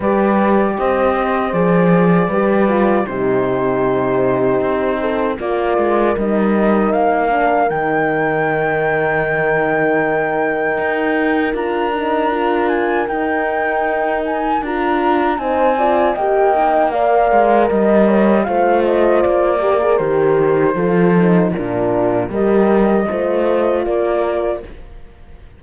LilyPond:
<<
  \new Staff \with { instrumentName = "flute" } { \time 4/4 \tempo 4 = 78 d''4 dis''4 d''2 | c''2. d''4 | dis''4 f''4 g''2~ | g''2. ais''4~ |
ais''8 gis''8 g''4. gis''8 ais''4 | gis''4 g''4 f''4 dis''4 | f''8 dis''8 d''4 c''2 | ais'4 dis''2 d''4 | }
  \new Staff \with { instrumentName = "horn" } { \time 4/4 b'4 c''2 b'4 | g'2~ g'8 a'8 ais'4~ | ais'1~ | ais'1~ |
ais'1 | c''8 d''8 dis''4 d''4 dis''8 cis''8 | c''4. ais'4. a'4 | f'4 ais'4 c''4 ais'4 | }
  \new Staff \with { instrumentName = "horn" } { \time 4/4 g'2 gis'4 g'8 f'8 | dis'2. f'4 | dis'4. d'8 dis'2~ | dis'2. f'8 dis'8 |
f'4 dis'2 f'4 | dis'8 f'8 g'8 dis'8 ais'2 | f'4. g'16 gis'16 g'4 f'8 dis'8 | d'4 g'4 f'2 | }
  \new Staff \with { instrumentName = "cello" } { \time 4/4 g4 c'4 f4 g4 | c2 c'4 ais8 gis8 | g4 ais4 dis2~ | dis2 dis'4 d'4~ |
d'4 dis'2 d'4 | c'4 ais4. gis8 g4 | a4 ais4 dis4 f4 | ais,4 g4 a4 ais4 | }
>>